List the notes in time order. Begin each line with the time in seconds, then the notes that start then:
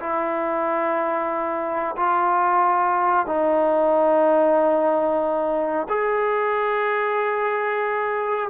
0.00 E4
1.96 F4
3.26 D#4
5.89 G#4